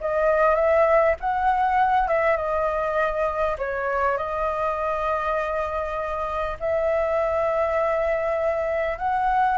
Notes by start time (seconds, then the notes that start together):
0.00 D#5
0.55 E5
1.20 F#5
2.07 E5
2.36 D#5
3.58 C#5
4.17 D#5
6.59 E5
8.98 F#5